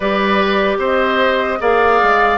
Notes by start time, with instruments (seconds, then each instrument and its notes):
0.00 bassoon G3, clarinet G4, oboe B4, flute D5
0.78 bassoon C4, oboe C5
0.84 flute D#5
1.59 bassoon A#3, clarinet G#4, oboe D5, flute F5
2.02 bassoon G#3